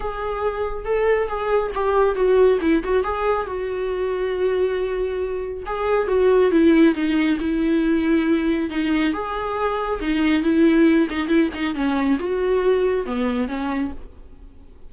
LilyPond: \new Staff \with { instrumentName = "viola" } { \time 4/4 \tempo 4 = 138 gis'2 a'4 gis'4 | g'4 fis'4 e'8 fis'8 gis'4 | fis'1~ | fis'4 gis'4 fis'4 e'4 |
dis'4 e'2. | dis'4 gis'2 dis'4 | e'4. dis'8 e'8 dis'8 cis'4 | fis'2 b4 cis'4 | }